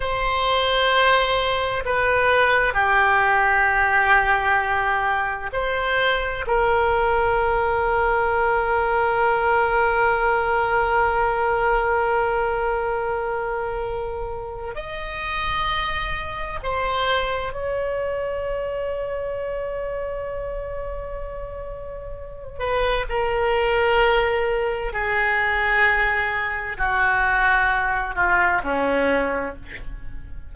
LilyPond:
\new Staff \with { instrumentName = "oboe" } { \time 4/4 \tempo 4 = 65 c''2 b'4 g'4~ | g'2 c''4 ais'4~ | ais'1~ | ais'1 |
dis''2 c''4 cis''4~ | cis''1~ | cis''8 b'8 ais'2 gis'4~ | gis'4 fis'4. f'8 cis'4 | }